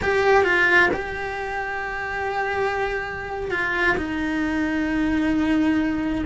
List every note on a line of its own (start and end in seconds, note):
0.02 0.44 G4
0.44 0.89 F4
0.93 3.50 G4
3.50 3.96 F4
3.97 6.24 D#4